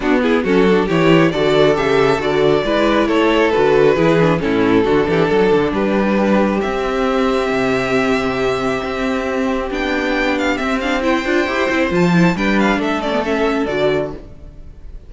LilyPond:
<<
  \new Staff \with { instrumentName = "violin" } { \time 4/4 \tempo 4 = 136 fis'8 gis'8 a'4 cis''4 d''4 | e''4 d''2 cis''4 | b'2 a'2~ | a'4 b'2 e''4~ |
e''1~ | e''2 g''4. f''8 | e''8 f''8 g''2 a''4 | g''8 f''8 e''8 d''8 e''4 d''4 | }
  \new Staff \with { instrumentName = "violin" } { \time 4/4 d'8 e'8 fis'4 g'4 a'4~ | a'2 b'4 a'4~ | a'4 gis'4 e'4 fis'8 g'8 | a'4 g'2.~ |
g'1~ | g'1~ | g'4 c''2. | b'4 a'2. | }
  \new Staff \with { instrumentName = "viola" } { \time 4/4 b4 cis'8 d'8 e'4 fis'4 | g'4 fis'4 e'2 | fis'4 e'8 d'8 cis'4 d'4~ | d'2. c'4~ |
c'1~ | c'2 d'2 | c'8 d'8 e'8 f'8 g'8 e'8 f'8 e'8 | d'4. cis'16 b16 cis'4 fis'4 | }
  \new Staff \with { instrumentName = "cello" } { \time 4/4 b4 fis4 e4 d4 | cis4 d4 gis4 a4 | d4 e4 a,4 d8 e8 | fis8 d8 g2 c'4~ |
c'4 c2. | c'2 b2 | c'4. d'8 e'8 c'8 f4 | g4 a2 d4 | }
>>